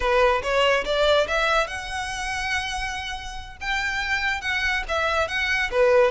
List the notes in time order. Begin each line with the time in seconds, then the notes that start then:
0.00 B4
0.42 C#5
0.85 D5
1.27 E5
1.67 F#5
3.60 G5
4.41 F#5
4.88 E5
5.28 F#5
5.71 B4